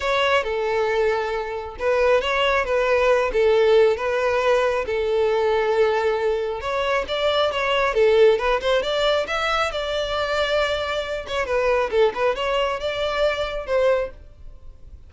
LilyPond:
\new Staff \with { instrumentName = "violin" } { \time 4/4 \tempo 4 = 136 cis''4 a'2. | b'4 cis''4 b'4. a'8~ | a'4 b'2 a'4~ | a'2. cis''4 |
d''4 cis''4 a'4 b'8 c''8 | d''4 e''4 d''2~ | d''4. cis''8 b'4 a'8 b'8 | cis''4 d''2 c''4 | }